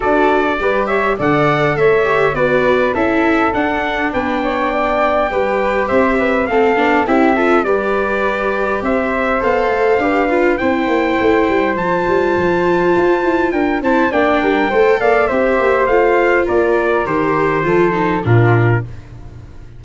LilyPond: <<
  \new Staff \with { instrumentName = "trumpet" } { \time 4/4 \tempo 4 = 102 d''4. e''8 fis''4 e''4 | d''4 e''4 fis''4 g''4~ | g''2 e''4 f''4 | e''4 d''2 e''4 |
f''2 g''2 | a''2. g''8 a''8 | g''4. f''8 e''4 f''4 | d''4 c''2 ais'4 | }
  \new Staff \with { instrumentName = "flute" } { \time 4/4 a'4 b'8 cis''8 d''4 cis''4 | b'4 a'2 b'8 cis''8 | d''4 b'4 c''8 b'8 a'4 | g'8 a'8 b'2 c''4~ |
c''4 b'4 c''2~ | c''2. ais'8 c''8 | d''8 ais'8 c''8 d''8 c''2 | ais'2 a'4 f'4 | }
  \new Staff \with { instrumentName = "viola" } { \time 4/4 fis'4 g'4 a'4. g'8 | fis'4 e'4 d'2~ | d'4 g'2 c'8 d'8 | e'8 f'8 g'2. |
a'4 g'8 f'8 e'2 | f'2.~ f'8 e'8 | d'4 a'4 g'4 f'4~ | f'4 g'4 f'8 dis'8 d'4 | }
  \new Staff \with { instrumentName = "tuba" } { \time 4/4 d'4 g4 d4 a4 | b4 cis'4 d'4 b4~ | b4 g4 c'4 a8 b8 | c'4 g2 c'4 |
b8 a8 d'4 c'8 ais8 a8 g8 | f8 g8 f4 f'8 e'8 d'8 c'8 | ais8 g8 a8 ais8 c'8 ais8 a4 | ais4 dis4 f4 ais,4 | }
>>